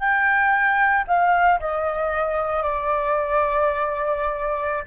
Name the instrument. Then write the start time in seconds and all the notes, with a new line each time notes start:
flute
0.00 G5
1.07 F5
1.60 D#5
2.63 D5